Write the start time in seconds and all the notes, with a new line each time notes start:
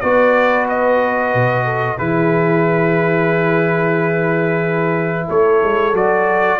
0.00 B3 F#4 B4 D5
0.69 D#5
1.34 B2
1.65 A4
1.98 E3 E4 G#4 B4
5.26 A3 A4 C#5
5.63 G#3
5.93 F#3 F#4 D5